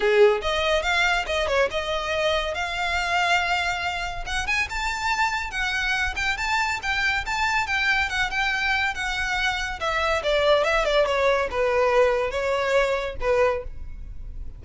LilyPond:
\new Staff \with { instrumentName = "violin" } { \time 4/4 \tempo 4 = 141 gis'4 dis''4 f''4 dis''8 cis''8 | dis''2 f''2~ | f''2 fis''8 gis''8 a''4~ | a''4 fis''4. g''8 a''4 |
g''4 a''4 g''4 fis''8 g''8~ | g''4 fis''2 e''4 | d''4 e''8 d''8 cis''4 b'4~ | b'4 cis''2 b'4 | }